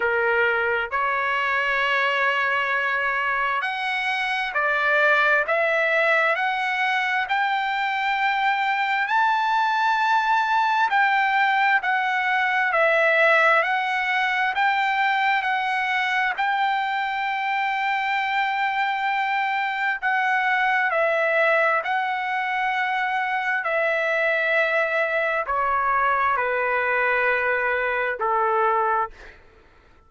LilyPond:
\new Staff \with { instrumentName = "trumpet" } { \time 4/4 \tempo 4 = 66 ais'4 cis''2. | fis''4 d''4 e''4 fis''4 | g''2 a''2 | g''4 fis''4 e''4 fis''4 |
g''4 fis''4 g''2~ | g''2 fis''4 e''4 | fis''2 e''2 | cis''4 b'2 a'4 | }